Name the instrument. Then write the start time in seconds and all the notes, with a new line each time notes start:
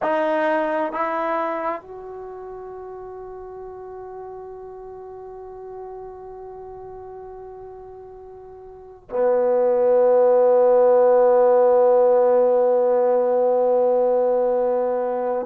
trombone
0.02 D#4
0.92 E4
1.81 F#4
9.10 B3